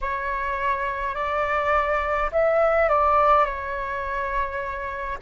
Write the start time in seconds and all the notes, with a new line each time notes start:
0.01 C#5
1.14 D5
2.31 E5
2.88 D5
3.45 C#5